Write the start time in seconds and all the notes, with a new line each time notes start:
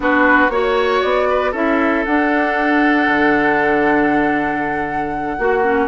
0.00 B3 D4 F#4 B4
0.49 A#3 F#4 C#5
1.01 B3 D5
1.29 B4
1.51 C#4 E4 A4 E5
2.04 D4 F#5
3.07 D3
5.38 A#3 F#4
5.63 C#4